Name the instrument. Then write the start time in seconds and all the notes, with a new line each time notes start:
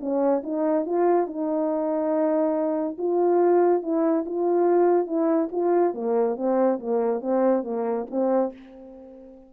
horn
0.00 C#4
0.43 D#4
0.85 F4
1.27 D#4
2.98 F4
3.82 E4
4.26 F4
5.07 E4
5.52 F4
5.94 A#3
6.36 C4
6.79 A#3
7.21 C4
7.64 A#3
8.10 C4